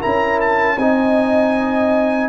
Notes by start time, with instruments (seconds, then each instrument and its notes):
0.00 tuba C#4, trombone E4, horn A#4, trumpet A#5
0.41 trumpet A5
0.77 tuba C4, trombone D#4, horn D#5, trumpet G#5